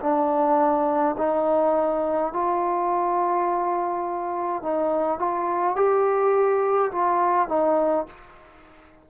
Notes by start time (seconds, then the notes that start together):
0.00 D4
1.18 D#4
2.33 F4
4.63 D#4
5.19 F4
5.76 G4
6.92 F4
7.48 D#4